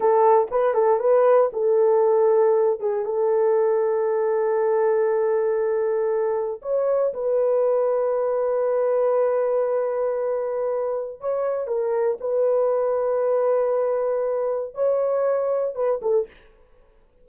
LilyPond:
\new Staff \with { instrumentName = "horn" } { \time 4/4 \tempo 4 = 118 a'4 b'8 a'8 b'4 a'4~ | a'4. gis'8 a'2~ | a'1~ | a'4 cis''4 b'2~ |
b'1~ | b'2 cis''4 ais'4 | b'1~ | b'4 cis''2 b'8 a'8 | }